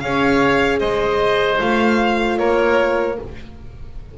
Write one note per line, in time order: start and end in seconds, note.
0.00 0.81 C#4
0.00 1.58 G#4
0.00 0.80 C#5
0.00 0.79 F5
0.79 1.60 G#3
0.79 2.38 C5
0.79 1.58 D#5
1.58 2.39 A3
1.58 3.16 F4
1.58 2.38 F5
2.38 3.18 A#3
2.38 3.18 A#4
2.38 3.17 C#5